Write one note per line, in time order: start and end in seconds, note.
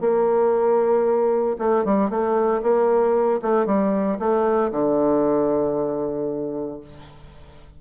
0.00 1.57 A#3
1.58 1.84 A3
1.85 2.10 G3
2.10 2.62 A3
2.62 3.40 A#3
3.42 3.66 A3
3.66 4.18 G3
4.19 4.71 A3
4.71 6.80 D3